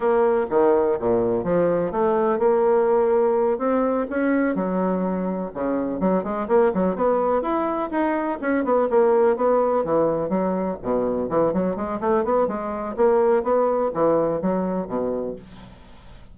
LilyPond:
\new Staff \with { instrumentName = "bassoon" } { \time 4/4 \tempo 4 = 125 ais4 dis4 ais,4 f4 | a4 ais2~ ais8 c'8~ | c'8 cis'4 fis2 cis8~ | cis8 fis8 gis8 ais8 fis8 b4 e'8~ |
e'8 dis'4 cis'8 b8 ais4 b8~ | b8 e4 fis4 b,4 e8 | fis8 gis8 a8 b8 gis4 ais4 | b4 e4 fis4 b,4 | }